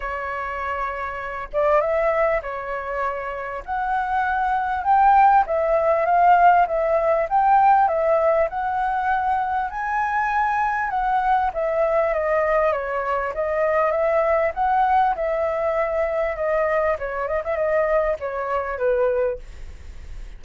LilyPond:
\new Staff \with { instrumentName = "flute" } { \time 4/4 \tempo 4 = 99 cis''2~ cis''8 d''8 e''4 | cis''2 fis''2 | g''4 e''4 f''4 e''4 | g''4 e''4 fis''2 |
gis''2 fis''4 e''4 | dis''4 cis''4 dis''4 e''4 | fis''4 e''2 dis''4 | cis''8 dis''16 e''16 dis''4 cis''4 b'4 | }